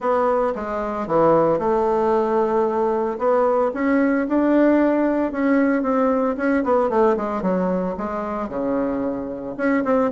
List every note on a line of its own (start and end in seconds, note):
0.00 0.53 B3
0.55 1.07 G#3
1.07 1.58 E3
1.58 3.18 A3
3.18 3.71 B3
3.74 4.27 C#4
4.28 5.31 D4
5.31 5.82 C#4
5.82 6.35 C4
6.37 6.63 C#4
6.64 6.89 B3
6.89 7.16 A3
7.16 7.42 G#3
7.42 7.95 F#3
7.97 8.48 G#3
8.48 9.55 C#3
9.57 9.83 C#4
9.84 10.11 C4